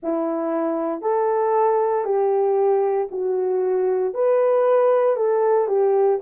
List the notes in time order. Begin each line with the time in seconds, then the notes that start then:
0.02 E4
1.01 A4
2.04 G4
3.11 F#4
4.14 B4
5.16 A4
5.67 G4